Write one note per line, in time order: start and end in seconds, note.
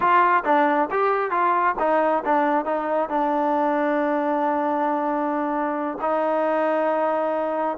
0.00 0.43 F4
0.44 0.89 D4
0.90 1.31 G4
1.31 1.75 F4
1.79 2.23 D#4
2.24 2.65 D4
2.65 3.09 D#4
3.09 5.98 D4
6.01 7.77 D#4